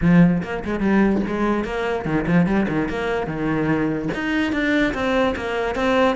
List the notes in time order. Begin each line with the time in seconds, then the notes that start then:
0.01 F3
0.43 A#3
0.64 G#3
0.80 G3
1.27 G#3
1.64 A#3
2.05 D#3
2.26 F3
2.46 G3
2.68 D#3
2.88 A#3
3.26 D#3
4.14 D#4
4.52 D4
4.94 C4
5.36 A#3
5.75 C4